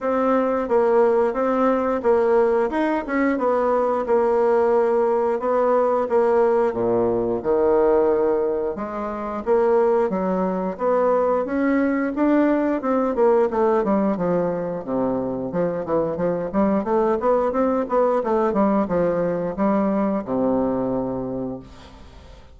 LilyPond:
\new Staff \with { instrumentName = "bassoon" } { \time 4/4 \tempo 4 = 89 c'4 ais4 c'4 ais4 | dis'8 cis'8 b4 ais2 | b4 ais4 ais,4 dis4~ | dis4 gis4 ais4 fis4 |
b4 cis'4 d'4 c'8 ais8 | a8 g8 f4 c4 f8 e8 | f8 g8 a8 b8 c'8 b8 a8 g8 | f4 g4 c2 | }